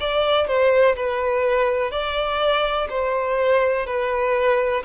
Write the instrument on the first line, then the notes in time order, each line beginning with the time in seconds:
violin
0.00 D5
0.48 C5
0.96 B4
1.91 D5
2.90 C5
3.87 B4